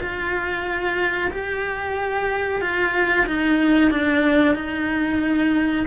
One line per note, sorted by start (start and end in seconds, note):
0.00 1.30 F4
1.31 2.61 G4
2.61 3.26 F4
3.27 3.91 D#4
3.91 4.55 D4
4.55 5.85 D#4